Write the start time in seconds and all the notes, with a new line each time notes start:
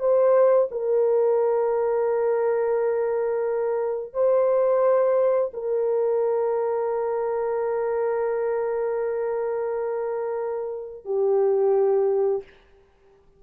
0.00 C5
0.71 A#4
4.13 C5
5.54 A#4
11.05 G4